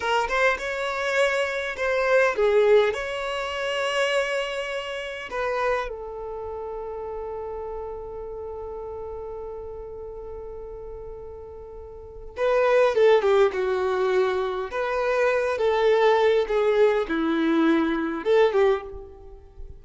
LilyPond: \new Staff \with { instrumentName = "violin" } { \time 4/4 \tempo 4 = 102 ais'8 c''8 cis''2 c''4 | gis'4 cis''2.~ | cis''4 b'4 a'2~ | a'1~ |
a'1~ | a'4 b'4 a'8 g'8 fis'4~ | fis'4 b'4. a'4. | gis'4 e'2 a'8 g'8 | }